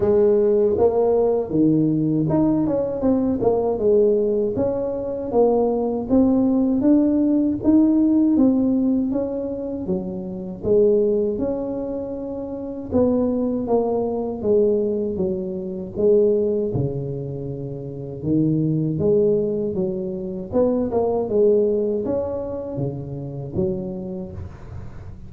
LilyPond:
\new Staff \with { instrumentName = "tuba" } { \time 4/4 \tempo 4 = 79 gis4 ais4 dis4 dis'8 cis'8 | c'8 ais8 gis4 cis'4 ais4 | c'4 d'4 dis'4 c'4 | cis'4 fis4 gis4 cis'4~ |
cis'4 b4 ais4 gis4 | fis4 gis4 cis2 | dis4 gis4 fis4 b8 ais8 | gis4 cis'4 cis4 fis4 | }